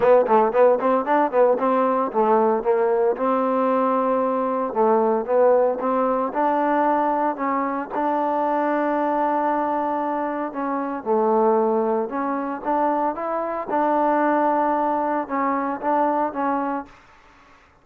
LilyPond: \new Staff \with { instrumentName = "trombone" } { \time 4/4 \tempo 4 = 114 b8 a8 b8 c'8 d'8 b8 c'4 | a4 ais4 c'2~ | c'4 a4 b4 c'4 | d'2 cis'4 d'4~ |
d'1 | cis'4 a2 cis'4 | d'4 e'4 d'2~ | d'4 cis'4 d'4 cis'4 | }